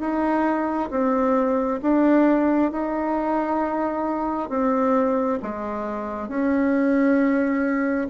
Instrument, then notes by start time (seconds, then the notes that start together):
bassoon
0.00 D#4
0.90 C4
1.82 D4
2.72 D#4
4.49 C4
5.43 G#3
6.28 C#4